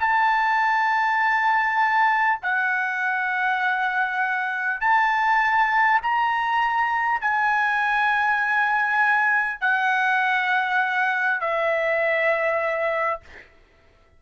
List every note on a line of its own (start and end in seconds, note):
0.00 2.40 A5
2.42 4.81 F#5
4.81 6.01 A5
6.02 7.21 A#5
7.21 9.61 G#5
9.61 11.41 F#5
11.41 13.21 E5